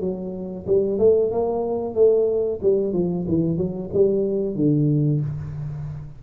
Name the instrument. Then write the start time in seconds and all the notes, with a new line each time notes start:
tuba
0.00 F#3
0.67 G3
0.99 A3
1.31 A#3
1.94 A3
2.62 G3
2.93 F3
3.28 E3
3.57 F#3
3.93 G3
4.55 D3